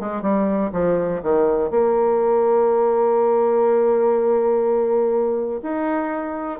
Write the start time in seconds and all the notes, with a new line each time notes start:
0.00 G#3
0.22 G3
0.73 F3
1.23 D#3
1.71 A#3
5.62 D#4